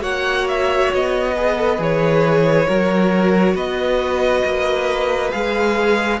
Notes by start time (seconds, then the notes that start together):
0.00 A#3 F#4 C#5 F#5
0.48 E5
0.93 B3 D#5
1.36 G#4 B4
1.57 A4
1.78 E3 G#4 C#5
2.67 F#3 F#4 A#4
3.54 B3 B4 D#5
4.44 A#3
5.31 G#3 G#4 F5